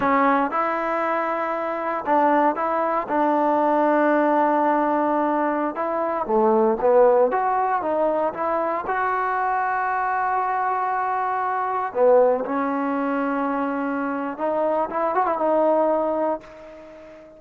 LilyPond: \new Staff \with { instrumentName = "trombone" } { \time 4/4 \tempo 4 = 117 cis'4 e'2. | d'4 e'4 d'2~ | d'2.~ d'16 e'8.~ | e'16 a4 b4 fis'4 dis'8.~ |
dis'16 e'4 fis'2~ fis'8.~ | fis'2.~ fis'16 b8.~ | b16 cis'2.~ cis'8. | dis'4 e'8 fis'16 e'16 dis'2 | }